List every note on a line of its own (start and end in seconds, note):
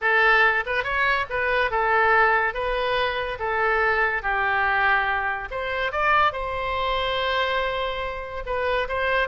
0.01 0.64 A4
0.65 0.83 B4
0.83 1.25 C#5
1.29 1.70 B4
1.70 2.54 A4
2.54 3.38 B4
3.39 4.22 A4
4.22 5.49 G4
5.50 5.92 C5
5.92 6.32 D5
6.32 8.43 C5
8.45 8.88 B4
8.88 9.28 C5